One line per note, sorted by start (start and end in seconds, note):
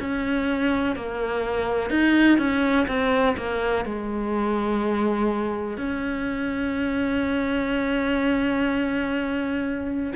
0.00 0.96 C#4
0.96 1.91 A#3
1.91 2.39 D#4
2.39 2.87 C#4
2.88 3.37 C4
3.37 3.85 A#3
3.85 5.78 G#3
5.78 10.13 C#4